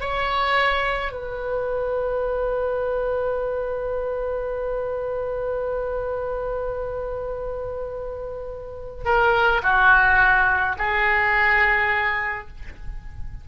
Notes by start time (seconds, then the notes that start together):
0.00 C#5
1.11 B4
9.04 A#4
9.62 F#4
10.78 G#4